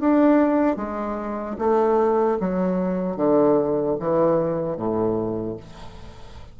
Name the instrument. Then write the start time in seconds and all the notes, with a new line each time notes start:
bassoon
0.00 D4
0.76 G#3
1.58 A3
2.40 F#3
3.16 D3
4.00 E3
4.77 A2